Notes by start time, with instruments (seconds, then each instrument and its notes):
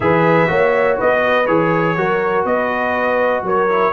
0.00 tuba E3, trombone G#4, horn B4, trumpet E5
0.47 tuba A#3, trombone F#4, horn C#5
0.97 tuba B3, horn B4, trumpet D#5
1.46 tuba E3, trombone G#4, trumpet C#5
1.96 tuba F#3, trombone F#4, horn A#4
2.45 tuba B3, horn B4, trumpet D#5
3.43 tuba F#3, horn A#4, trumpet C#5
3.69 trombone E4